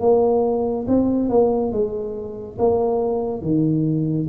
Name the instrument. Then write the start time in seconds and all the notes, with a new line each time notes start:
tuba
0.00 A#3
0.87 C4
1.29 A#3
1.72 G#3
2.58 A#3
3.42 D#3